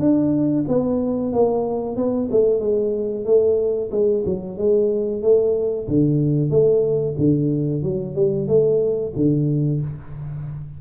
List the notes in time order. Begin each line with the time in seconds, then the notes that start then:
0.00 D4
0.68 B3
1.33 A#3
1.97 B3
2.32 A3
2.60 G#3
3.25 A3
3.92 G#3
4.26 F#3
4.59 G#3
5.23 A3
5.88 D3
6.51 A3
7.18 D3
7.83 F#3
8.16 G3
8.48 A3
9.16 D3